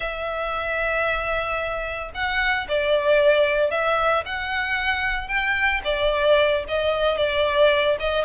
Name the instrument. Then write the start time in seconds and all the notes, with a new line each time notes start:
violin
0.00 E5
2.14 F#5
2.68 D5
3.70 E5
4.25 F#5
5.28 G5
5.84 D5
6.68 D#5
7.17 D5
7.99 D#5